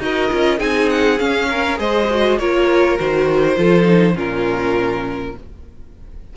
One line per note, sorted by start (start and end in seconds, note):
0.00 0.30 D#4
0.00 0.30 F#4
0.00 0.59 A#4
0.00 0.60 D#5
0.30 0.60 C#4
0.30 0.58 F4
0.58 1.20 C4
0.58 1.18 D#4
0.58 1.48 G#4
0.58 0.90 G#5
0.90 1.19 F#5
1.19 1.77 C#4
1.19 1.80 C#4
1.19 1.78 F5
1.50 1.80 A#4
1.77 2.39 G#3
1.77 2.06 G#4
1.77 2.39 C5
1.77 2.39 D#5
2.10 2.40 F#4
2.39 2.99 A#3
2.39 2.99 F4
2.39 3.58 A#4
2.39 2.98 C#5
2.99 3.57 D#3
2.99 3.56 F#4
2.99 4.18 C5
3.56 4.16 F3
3.56 3.84 F4
3.56 4.15 A4
3.84 4.14 D#4
4.14 5.35 A#2
4.14 5.33 C#4
4.14 5.34 F4
4.14 5.37 A#4